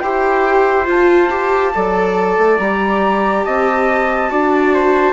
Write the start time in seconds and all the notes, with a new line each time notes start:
0.00 E4 G4 C5 G5
0.85 F4 A5
1.31 G4
1.74 F#3 A4 D5
2.38 A3
2.59 G3 G4 A#5
3.44 C4 D#5 A5
4.29 D4 F#4 D5
4.75 C5